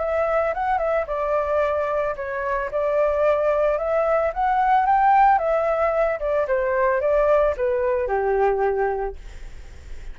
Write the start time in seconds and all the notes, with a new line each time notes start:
0.00 E5
0.54 F#5
0.79 E5
1.08 D5
2.16 C#5
2.72 D5
3.78 E5
4.34 F#5
4.86 G5
5.39 E5
6.20 D5
6.48 C5
7.01 D5
7.57 B4
8.08 G4